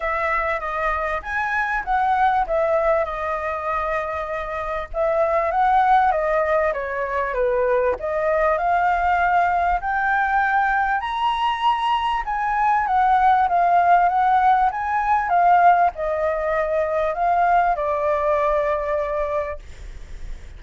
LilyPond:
\new Staff \with { instrumentName = "flute" } { \time 4/4 \tempo 4 = 98 e''4 dis''4 gis''4 fis''4 | e''4 dis''2. | e''4 fis''4 dis''4 cis''4 | b'4 dis''4 f''2 |
g''2 ais''2 | gis''4 fis''4 f''4 fis''4 | gis''4 f''4 dis''2 | f''4 d''2. | }